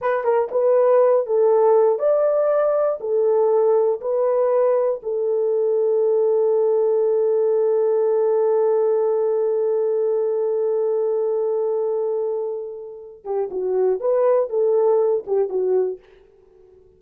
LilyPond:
\new Staff \with { instrumentName = "horn" } { \time 4/4 \tempo 4 = 120 b'8 ais'8 b'4. a'4. | d''2 a'2 | b'2 a'2~ | a'1~ |
a'1~ | a'1~ | a'2~ a'8 g'8 fis'4 | b'4 a'4. g'8 fis'4 | }